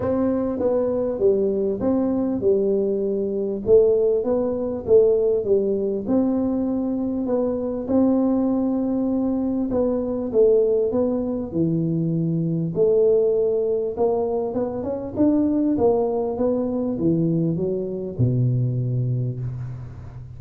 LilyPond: \new Staff \with { instrumentName = "tuba" } { \time 4/4 \tempo 4 = 99 c'4 b4 g4 c'4 | g2 a4 b4 | a4 g4 c'2 | b4 c'2. |
b4 a4 b4 e4~ | e4 a2 ais4 | b8 cis'8 d'4 ais4 b4 | e4 fis4 b,2 | }